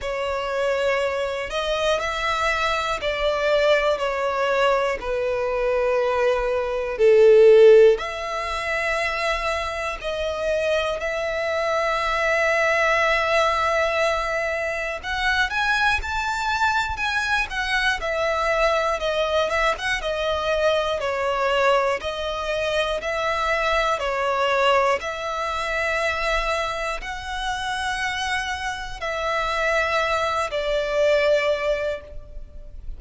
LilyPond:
\new Staff \with { instrumentName = "violin" } { \time 4/4 \tempo 4 = 60 cis''4. dis''8 e''4 d''4 | cis''4 b'2 a'4 | e''2 dis''4 e''4~ | e''2. fis''8 gis''8 |
a''4 gis''8 fis''8 e''4 dis''8 e''16 fis''16 | dis''4 cis''4 dis''4 e''4 | cis''4 e''2 fis''4~ | fis''4 e''4. d''4. | }